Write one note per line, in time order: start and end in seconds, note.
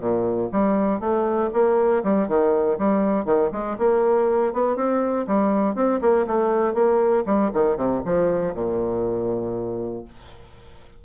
0.00 0.50 A#2
0.52 1.00 G3
1.00 1.50 A3
1.53 2.03 A#3
2.04 2.28 G3
2.28 2.78 D#3
2.79 3.25 G3
3.25 3.50 D#3
3.52 3.77 G#3
3.79 4.54 A#3
4.54 4.77 B3
4.77 5.27 C4
5.27 5.76 G3
5.76 6.01 C4
6.01 6.26 A#3
6.27 6.75 A3
6.75 7.25 A#3
7.26 7.51 G3
7.54 7.77 D#3
7.77 8.02 C3
8.06 8.55 F3
8.55 10.05 A#2